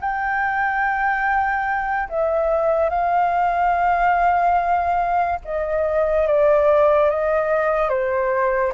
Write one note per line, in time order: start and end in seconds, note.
0.00 2.08 G5
2.09 2.89 E5
2.89 5.39 F5
5.44 6.27 D#5
6.27 7.10 D5
7.10 7.89 D#5
7.89 8.72 C5